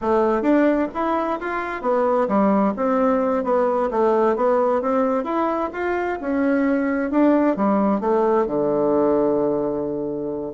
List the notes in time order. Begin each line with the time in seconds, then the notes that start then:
0.01 A3
0.42 D4
0.93 E4
1.40 F4
1.81 B3
2.28 G3
2.76 C4
3.44 B3
3.91 A3
4.36 B3
4.81 C4
5.24 E4
5.73 F4
6.20 C#4
7.10 D4
7.56 G3
8.00 A3
8.46 D3